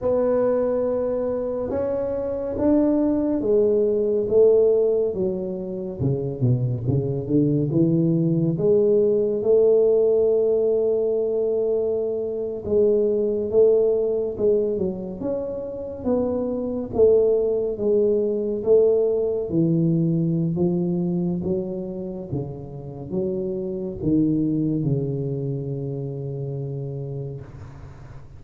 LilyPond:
\new Staff \with { instrumentName = "tuba" } { \time 4/4 \tempo 4 = 70 b2 cis'4 d'4 | gis4 a4 fis4 cis8 b,8 | cis8 d8 e4 gis4 a4~ | a2~ a8. gis4 a16~ |
a8. gis8 fis8 cis'4 b4 a16~ | a8. gis4 a4 e4~ e16 | f4 fis4 cis4 fis4 | dis4 cis2. | }